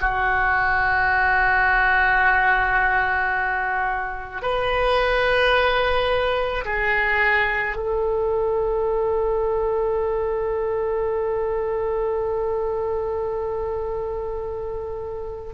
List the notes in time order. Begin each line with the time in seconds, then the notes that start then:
0.00 F#4
4.42 B4
6.65 G#4
7.76 A4